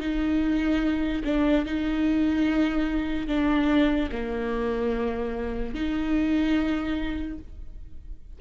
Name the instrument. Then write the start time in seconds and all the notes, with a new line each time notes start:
viola
0.00 D#4
1.24 D4
1.66 D#4
3.28 D4
4.12 A#3
5.74 D#4